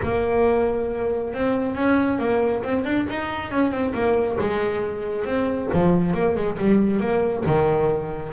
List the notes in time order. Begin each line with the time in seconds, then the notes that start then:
0.02 A#3
1.33 C4
1.75 C#4
2.18 A#3
2.63 C4
2.84 D4
3.09 D#4
3.51 C#4
3.71 C4
3.94 A#3
4.40 G#3
5.25 C4
5.73 F3
6.13 A#3
6.35 G#3
6.58 G3
7.00 A#3
7.46 D#3